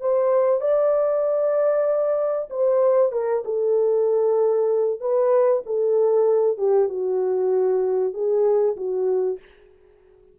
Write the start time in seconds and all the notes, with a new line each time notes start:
0.00 C5
0.61 D5
2.49 C5
3.12 A#4
3.44 A4
5.00 B4
5.66 A4
6.57 G4
6.88 F#4
8.13 G#4
8.76 F#4